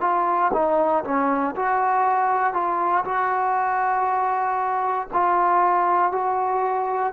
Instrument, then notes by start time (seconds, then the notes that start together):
trombone
0.00 F4
0.53 D#4
1.04 C#4
1.55 F#4
2.53 F4
3.04 F#4
5.13 F4
6.12 F#4